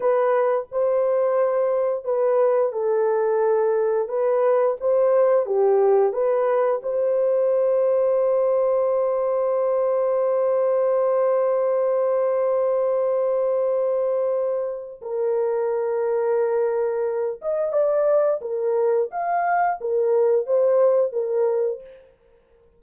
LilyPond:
\new Staff \with { instrumentName = "horn" } { \time 4/4 \tempo 4 = 88 b'4 c''2 b'4 | a'2 b'4 c''4 | g'4 b'4 c''2~ | c''1~ |
c''1~ | c''2 ais'2~ | ais'4. dis''8 d''4 ais'4 | f''4 ais'4 c''4 ais'4 | }